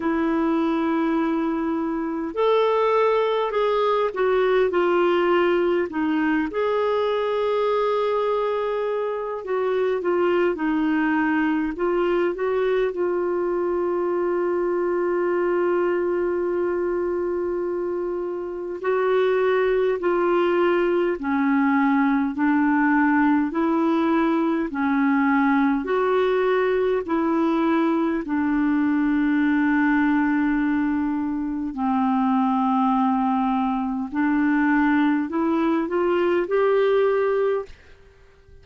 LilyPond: \new Staff \with { instrumentName = "clarinet" } { \time 4/4 \tempo 4 = 51 e'2 a'4 gis'8 fis'8 | f'4 dis'8 gis'2~ gis'8 | fis'8 f'8 dis'4 f'8 fis'8 f'4~ | f'1 |
fis'4 f'4 cis'4 d'4 | e'4 cis'4 fis'4 e'4 | d'2. c'4~ | c'4 d'4 e'8 f'8 g'4 | }